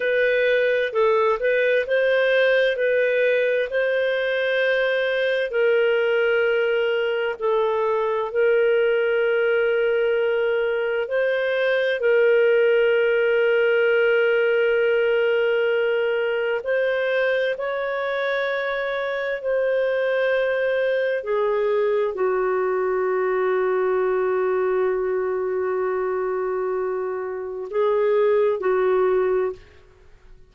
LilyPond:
\new Staff \with { instrumentName = "clarinet" } { \time 4/4 \tempo 4 = 65 b'4 a'8 b'8 c''4 b'4 | c''2 ais'2 | a'4 ais'2. | c''4 ais'2.~ |
ais'2 c''4 cis''4~ | cis''4 c''2 gis'4 | fis'1~ | fis'2 gis'4 fis'4 | }